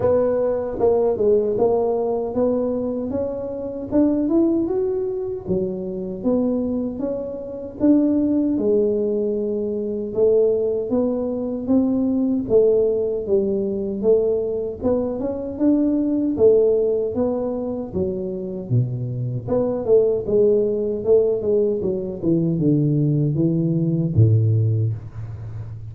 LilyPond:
\new Staff \with { instrumentName = "tuba" } { \time 4/4 \tempo 4 = 77 b4 ais8 gis8 ais4 b4 | cis'4 d'8 e'8 fis'4 fis4 | b4 cis'4 d'4 gis4~ | gis4 a4 b4 c'4 |
a4 g4 a4 b8 cis'8 | d'4 a4 b4 fis4 | b,4 b8 a8 gis4 a8 gis8 | fis8 e8 d4 e4 a,4 | }